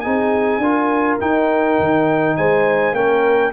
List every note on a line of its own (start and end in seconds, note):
0.00 0.58 C4
0.00 0.61 D#4
0.00 0.61 G#4
0.00 1.17 G#5
0.58 1.16 D4
0.58 1.20 F4
0.58 2.37 A#4
1.20 2.95 D#4
1.20 1.79 D#4
1.20 2.36 G5
1.79 2.37 D#3
2.36 2.93 G#3
2.36 2.95 C5
2.36 2.95 G#5
2.93 3.51 A#3
2.93 3.53 C#4
2.93 3.53 A#4
2.93 3.53 G5